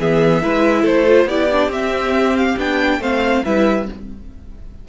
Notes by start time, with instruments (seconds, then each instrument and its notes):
0.00 cello E3, viola B3, violin G#4 E5
0.42 cello G#3, viola E4, violin B4
0.82 cello A3, violin A4 C5
1.07 viola F4
1.26 cello B3, viola E4, violin G4 D5
1.52 viola D4
1.69 cello C4, viola C4, violin E5
2.37 violin F5
2.58 cello B3, viola D4, violin G5
3.00 cello A3, viola C4, violin C5 F5
3.45 cello G3, viola E4, violin B4 E5